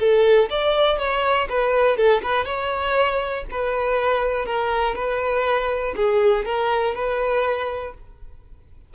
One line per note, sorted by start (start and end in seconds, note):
0.00 0.50 A4
0.50 0.99 D5
0.99 1.49 C#5
1.50 1.97 B4
1.97 2.22 A4
2.23 2.46 B4
2.46 3.45 C#5
3.51 4.46 B4
4.46 4.95 A#4
4.95 5.95 B4
5.97 6.46 G#4
6.46 6.95 A#4
6.95 7.95 B4